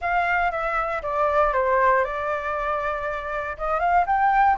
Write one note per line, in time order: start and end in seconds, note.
0.01 0.51 F5
0.51 1.01 E5
1.02 1.53 D5
1.53 2.04 C5
2.04 3.57 D5
3.57 3.79 D#5
3.79 4.05 F5
4.06 4.57 G5